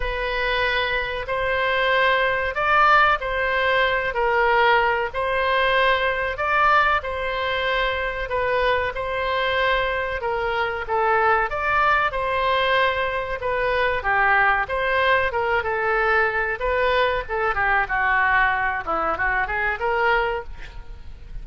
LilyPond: \new Staff \with { instrumentName = "oboe" } { \time 4/4 \tempo 4 = 94 b'2 c''2 | d''4 c''4. ais'4. | c''2 d''4 c''4~ | c''4 b'4 c''2 |
ais'4 a'4 d''4 c''4~ | c''4 b'4 g'4 c''4 | ais'8 a'4. b'4 a'8 g'8 | fis'4. e'8 fis'8 gis'8 ais'4 | }